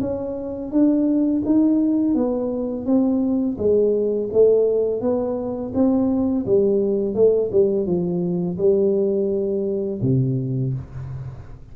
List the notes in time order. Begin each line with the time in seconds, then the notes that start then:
0.00 C#4
0.71 D4
1.45 D#4
2.15 B3
2.86 C4
3.58 G#3
4.32 A3
5.01 B3
5.74 C4
6.46 G3
7.15 A3
7.52 G3
7.86 F3
8.58 G3
10.02 C3